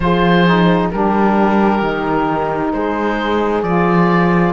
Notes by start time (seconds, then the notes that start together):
0.00 F3 F4 G#4 C5
0.46 D#4
0.91 G3 D4 G4 A#4
1.81 D#3 D#4
2.73 G#3 G#4 C5
3.62 F3 F4 D5